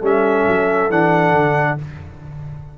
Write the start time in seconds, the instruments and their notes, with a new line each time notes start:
0.00 tuba G3, trombone C#4, horn A4, trumpet E5
0.47 tuba F#3
0.90 tuba E3, trombone D4, trumpet F#5
1.32 tuba D3